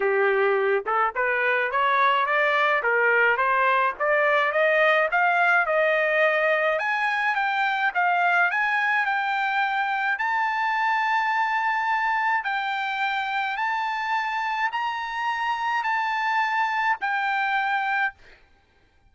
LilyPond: \new Staff \with { instrumentName = "trumpet" } { \time 4/4 \tempo 4 = 106 g'4. a'8 b'4 cis''4 | d''4 ais'4 c''4 d''4 | dis''4 f''4 dis''2 | gis''4 g''4 f''4 gis''4 |
g''2 a''2~ | a''2 g''2 | a''2 ais''2 | a''2 g''2 | }